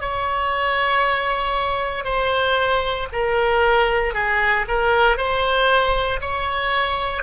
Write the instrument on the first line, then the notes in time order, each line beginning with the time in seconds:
oboe
0.00 C#5
2.04 C5
3.12 A#4
4.14 G#4
4.68 A#4
5.17 C5
6.20 C#5